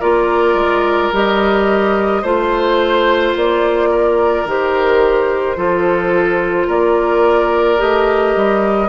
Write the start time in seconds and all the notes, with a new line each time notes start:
0.00 A#3 F4 A#4 D5
0.54 G#3
1.13 G3 G4 D#5
2.22 A3 F4 C5
3.36 A#3 D5
3.91 A#4
4.45 D#3 G4 C5
5.56 F3 F4 A4
6.67 A#3 A#4 D5
7.78 A3 G4 D#5
8.36 G3